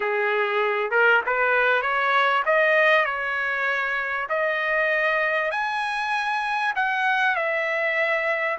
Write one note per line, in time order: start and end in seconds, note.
0.00 0.90 G#4
0.90 1.21 A#4
1.26 1.82 B4
1.82 2.43 C#5
2.45 3.05 D#5
3.05 4.27 C#5
4.29 5.51 D#5
5.51 6.73 G#5
6.75 7.35 F#5
7.35 8.58 E5